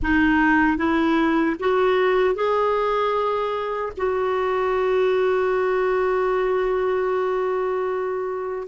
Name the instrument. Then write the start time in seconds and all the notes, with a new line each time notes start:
clarinet
0.02 D#4
0.77 E4
1.59 F#4
2.34 G#4
3.97 F#4